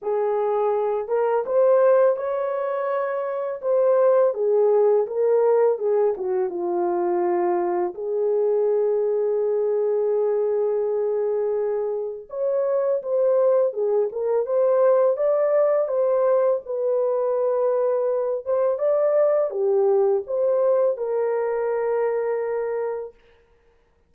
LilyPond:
\new Staff \with { instrumentName = "horn" } { \time 4/4 \tempo 4 = 83 gis'4. ais'8 c''4 cis''4~ | cis''4 c''4 gis'4 ais'4 | gis'8 fis'8 f'2 gis'4~ | gis'1~ |
gis'4 cis''4 c''4 gis'8 ais'8 | c''4 d''4 c''4 b'4~ | b'4. c''8 d''4 g'4 | c''4 ais'2. | }